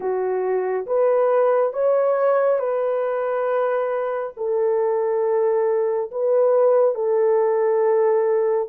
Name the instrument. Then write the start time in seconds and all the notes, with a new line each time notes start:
horn
0.00 F#4
0.86 B4
1.73 C#5
2.59 B4
4.36 A4
6.11 B4
6.94 A4